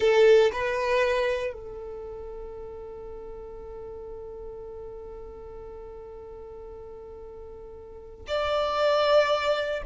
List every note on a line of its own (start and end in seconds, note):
0.00 0.51 A4
0.52 1.53 B4
1.53 8.25 A4
8.27 9.82 D5